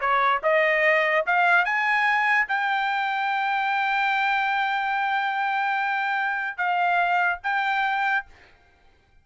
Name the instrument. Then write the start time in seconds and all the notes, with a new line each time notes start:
trumpet
0.00 C#5
0.43 D#5
1.26 F5
1.65 G#5
2.48 G5
6.57 F5
7.43 G5